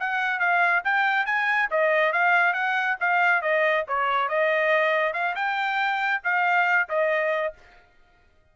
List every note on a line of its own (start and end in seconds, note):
0.00 0.40 F#5
0.40 0.83 F5
0.85 1.26 G5
1.26 1.70 G#5
1.71 2.13 D#5
2.13 2.54 F5
2.54 2.97 F#5
3.01 3.42 F5
3.42 3.85 D#5
3.88 4.29 C#5
4.29 5.14 D#5
5.14 5.35 F5
5.36 6.22 G5
6.24 6.89 F5
6.89 7.54 D#5